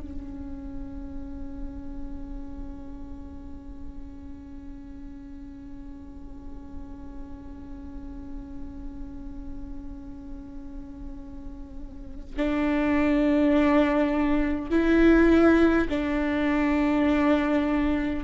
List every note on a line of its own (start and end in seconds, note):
0.00 12.35 C#4
12.36 14.70 D4
14.70 15.88 E4
15.89 18.24 D4